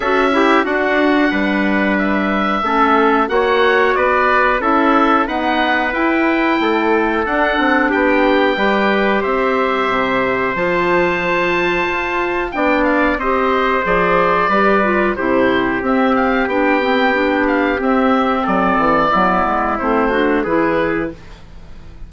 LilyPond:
<<
  \new Staff \with { instrumentName = "oboe" } { \time 4/4 \tempo 4 = 91 e''4 fis''2 e''4~ | e''4 fis''4 d''4 e''4 | fis''4 g''2 fis''4 | g''2 e''2 |
a''2. g''8 f''8 | dis''4 d''2 c''4 | e''8 f''8 g''4. f''8 e''4 | d''2 c''4 b'4 | }
  \new Staff \with { instrumentName = "trumpet" } { \time 4/4 a'8 g'8 fis'4 b'2 | a'4 cis''4 b'4 a'4 | b'2 a'2 | g'4 b'4 c''2~ |
c''2. d''4 | c''2 b'4 g'4~ | g'1 | a'4 e'4. fis'8 gis'4 | }
  \new Staff \with { instrumentName = "clarinet" } { \time 4/4 fis'8 e'8 d'2. | cis'4 fis'2 e'4 | b4 e'2 d'4~ | d'4 g'2. |
f'2. d'4 | g'4 gis'4 g'8 f'8 e'4 | c'4 d'8 c'8 d'4 c'4~ | c'4 b4 c'8 d'8 e'4 | }
  \new Staff \with { instrumentName = "bassoon" } { \time 4/4 cis'4 d'4 g2 | a4 ais4 b4 cis'4 | dis'4 e'4 a4 d'8 c'8 | b4 g4 c'4 c4 |
f2 f'4 b4 | c'4 f4 g4 c4 | c'4 b2 c'4 | fis8 e8 fis8 gis8 a4 e4 | }
>>